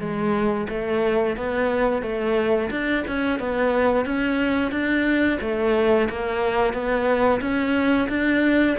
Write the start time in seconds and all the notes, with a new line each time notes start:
0.00 G#3
0.69 A3
1.37 B3
2.03 A3
2.71 D4
3.07 C#4
3.39 B3
4.05 C#4
4.71 D4
5.41 A3
6.09 A#3
6.73 B3
7.41 C#4
8.09 D4